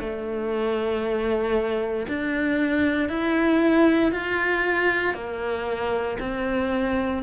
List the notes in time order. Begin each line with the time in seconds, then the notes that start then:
0.00 A3
2.08 D4
3.09 E4
4.12 F4
5.14 A#3
6.20 C4